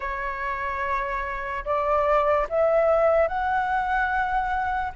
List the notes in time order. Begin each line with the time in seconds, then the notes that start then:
0.00 C#5
1.64 D5
2.49 E5
3.28 F#5